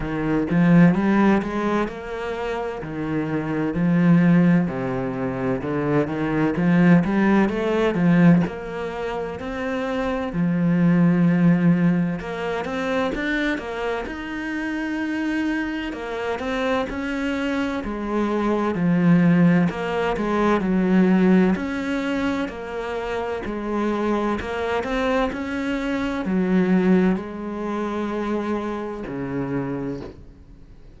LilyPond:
\new Staff \with { instrumentName = "cello" } { \time 4/4 \tempo 4 = 64 dis8 f8 g8 gis8 ais4 dis4 | f4 c4 d8 dis8 f8 g8 | a8 f8 ais4 c'4 f4~ | f4 ais8 c'8 d'8 ais8 dis'4~ |
dis'4 ais8 c'8 cis'4 gis4 | f4 ais8 gis8 fis4 cis'4 | ais4 gis4 ais8 c'8 cis'4 | fis4 gis2 cis4 | }